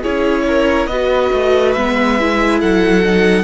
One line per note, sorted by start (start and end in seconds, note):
0.00 0.86 C#4
0.00 0.89 E4
0.00 0.43 G#4
0.00 0.87 C#5
0.46 0.89 A#4
0.86 1.29 B3
0.86 1.77 F#4
0.86 2.59 B4
0.86 1.72 D#5
1.33 1.76 A3
1.73 2.62 G#3
1.73 2.19 B3
1.73 2.58 E5
2.19 3.03 E4
2.59 3.43 F#3
2.59 3.43 A4
2.59 3.43 F#5
3.03 3.43 D#4